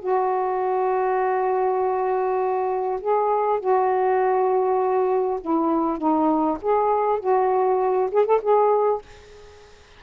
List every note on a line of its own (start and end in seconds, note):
0.00 3.00 F#4
3.00 3.60 G#4
3.60 5.40 F#4
5.41 5.98 E4
5.98 6.58 D#4
6.61 7.20 G#4
7.20 8.10 F#4
8.11 8.26 G#4
8.26 8.41 A4
8.42 9.02 G#4